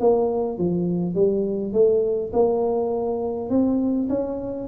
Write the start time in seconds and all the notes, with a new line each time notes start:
0.00 A#3
0.58 F3
1.15 G3
1.73 A3
2.33 A#3
3.49 C4
4.09 C#4